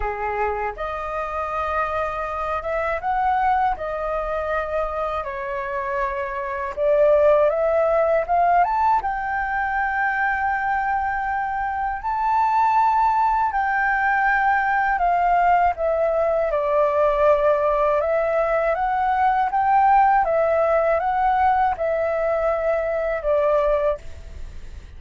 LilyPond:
\new Staff \with { instrumentName = "flute" } { \time 4/4 \tempo 4 = 80 gis'4 dis''2~ dis''8 e''8 | fis''4 dis''2 cis''4~ | cis''4 d''4 e''4 f''8 a''8 | g''1 |
a''2 g''2 | f''4 e''4 d''2 | e''4 fis''4 g''4 e''4 | fis''4 e''2 d''4 | }